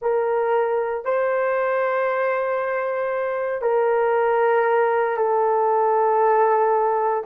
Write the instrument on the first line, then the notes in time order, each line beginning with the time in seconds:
horn
0.01 A#4
1.04 C5
3.61 A#4
5.16 A4